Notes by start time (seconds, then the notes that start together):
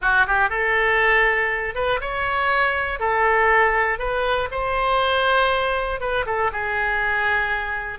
0.01 F#4
0.26 G4
0.49 A4
1.75 B4
2.00 C#5
2.99 A4
3.98 B4
4.51 C5
6.00 B4
6.26 A4
6.52 G#4